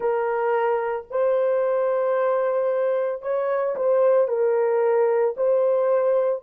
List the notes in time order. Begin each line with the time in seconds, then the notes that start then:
0.00 A#4
1.10 C5
3.21 C#5
3.75 C5
4.28 A#4
5.36 C5